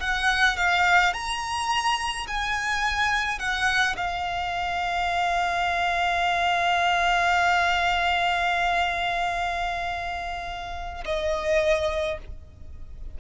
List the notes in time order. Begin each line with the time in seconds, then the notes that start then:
0.00 F#5
0.57 F5
1.13 A#5
2.27 G#5
3.39 F#5
3.97 F5
11.05 D#5